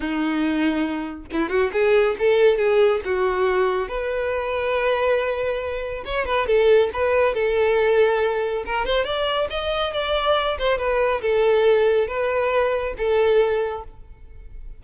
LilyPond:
\new Staff \with { instrumentName = "violin" } { \time 4/4 \tempo 4 = 139 dis'2. e'8 fis'8 | gis'4 a'4 gis'4 fis'4~ | fis'4 b'2.~ | b'2 cis''8 b'8 a'4 |
b'4 a'2. | ais'8 c''8 d''4 dis''4 d''4~ | d''8 c''8 b'4 a'2 | b'2 a'2 | }